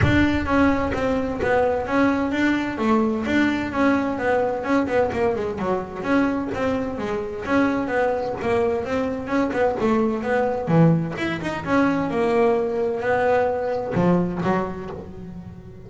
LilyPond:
\new Staff \with { instrumentName = "double bass" } { \time 4/4 \tempo 4 = 129 d'4 cis'4 c'4 b4 | cis'4 d'4 a4 d'4 | cis'4 b4 cis'8 b8 ais8 gis8 | fis4 cis'4 c'4 gis4 |
cis'4 b4 ais4 c'4 | cis'8 b8 a4 b4 e4 | e'8 dis'8 cis'4 ais2 | b2 f4 fis4 | }